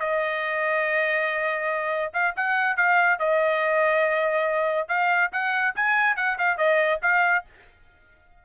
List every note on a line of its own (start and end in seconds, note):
0.00 2.13 D#5
2.14 2.35 F5
2.37 2.77 F#5
2.77 3.20 F5
3.20 4.89 D#5
4.89 5.31 F5
5.33 5.75 F#5
5.76 6.17 G#5
6.17 6.38 F#5
6.39 6.58 F5
6.58 7.01 D#5
7.03 7.45 F5